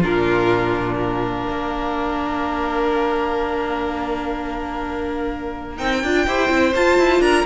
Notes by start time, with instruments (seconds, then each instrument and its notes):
0.00 cello A#2, viola D4, violin F4 A#4
0.94 violin A#4 F5
1.49 cello A#3
5.77 cello C4, viola D#4, violin G5
6.03 cello D4, viola F4
6.27 cello E4, viola G4, violin C5
6.49 cello C4, viola E4
6.75 cello F4, viola F4, violin A5
6.98 cello E4
7.20 cello D4, violin A#4 A#5